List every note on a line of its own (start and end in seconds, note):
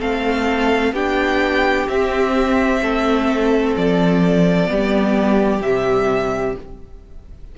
0.00 0.93 A3
0.00 0.94 C4
0.00 0.94 A4
0.00 0.95 F5
0.93 1.87 B3
0.93 1.89 D4
0.93 2.81 G4
0.93 1.88 G5
1.88 4.67 C4
1.88 2.82 C4
1.88 3.76 E5
2.82 3.76 A3
2.82 4.71 A4
3.77 4.70 F3
3.77 5.62 D5
4.67 5.62 G3
4.67 5.60 B3
4.67 6.58 G4
5.62 6.55 C3
5.62 6.55 G3
5.62 6.56 E5